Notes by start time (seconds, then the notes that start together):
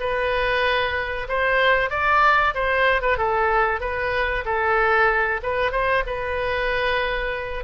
0.00 B4
1.29 C5
1.90 D5
2.54 C5
3.01 B4
3.18 A4
3.80 B4
4.45 A4
5.43 B4
5.72 C5
6.06 B4